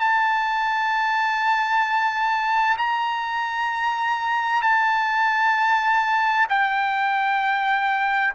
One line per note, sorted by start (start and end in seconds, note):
0.00 2.77 A5
2.78 4.62 A#5
4.62 6.47 A5
6.49 8.34 G5